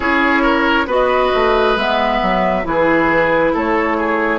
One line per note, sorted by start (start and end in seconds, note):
0.00 0.87 C#4
0.00 0.86 E4
0.00 0.42 G#4
0.00 0.87 C#5
0.42 0.86 A#4
0.87 1.31 B3
0.87 1.77 F#4
0.87 2.63 B4
0.87 1.78 D#5
1.34 1.76 A3
1.76 2.20 G#3
1.76 2.63 B3
1.76 2.66 E5
2.22 2.64 F#3
2.63 3.52 E3
2.63 4.39 E4
2.63 3.52 G#4
2.63 3.55 B4
3.52 4.39 A3
3.52 3.96 A4
3.52 4.39 C#5
3.97 4.39 G#4